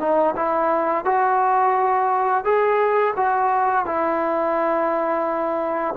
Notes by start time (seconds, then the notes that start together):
0.00 D#4
0.36 E4
1.05 F#4
2.45 G#4
3.16 F#4
3.86 E4